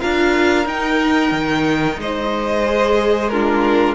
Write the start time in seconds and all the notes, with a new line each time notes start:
0.00 D4 F4 A#4 F5
0.65 D#4 G5
1.31 D#3
1.98 G#3 C5 D#5
2.65 G#4
3.28 D4 F4 A#4